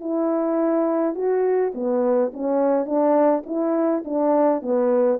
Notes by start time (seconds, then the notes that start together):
0.00 E4
1.15 F#4
1.74 B3
2.33 C#4
2.86 D4
3.46 E4
4.05 D4
4.62 B3